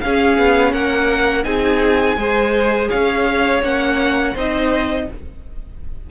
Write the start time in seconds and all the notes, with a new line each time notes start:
0.00 C#4 G#4 F5
0.38 B3
0.72 A#3 A#4 F#5
1.43 C4 D#4 G#4 G#5
2.16 G#3 G#4 C5
2.89 C#4 C#5 F5
3.62 A#3 C#4 F#5
4.34 C4 D#4 C5 D#5